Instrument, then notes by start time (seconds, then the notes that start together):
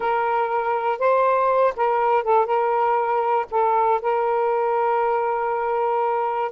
saxophone
0.00 A#4
0.98 C5
1.76 A#4
2.23 A4
2.45 A#4
3.50 A4
4.01 A#4